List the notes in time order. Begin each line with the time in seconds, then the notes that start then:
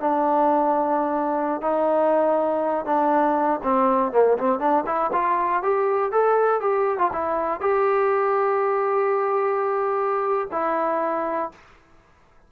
0.00 D4
1.62 D#4
2.85 D4
3.63 C4
4.12 A#3
4.38 C4
4.60 D4
4.86 E4
5.13 F4
5.63 G4
6.12 A4
6.61 G4
6.98 F4
7.13 E4
7.61 G4
10.51 E4